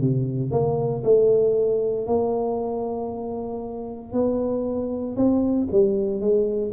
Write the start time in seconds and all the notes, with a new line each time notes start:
0.00 C3
0.51 A#3
1.04 A3
2.06 A#3
4.12 B3
5.16 C4
5.71 G3
6.20 G#3